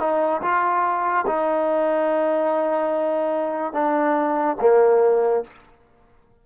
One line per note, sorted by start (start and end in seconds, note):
0.00 0.42 D#4
0.42 1.26 F4
1.27 3.73 D#4
3.73 4.57 D4
4.61 5.44 A#3